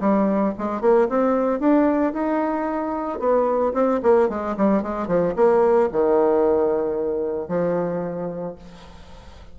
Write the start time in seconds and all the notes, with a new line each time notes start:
0.00 G3
0.58 G#3
0.81 A#3
1.09 C4
1.60 D4
2.13 D#4
3.19 B3
3.74 C4
4.02 A#3
4.29 G#3
4.57 G3
4.82 G#3
5.07 F3
5.35 A#3
5.92 D#3
7.48 F3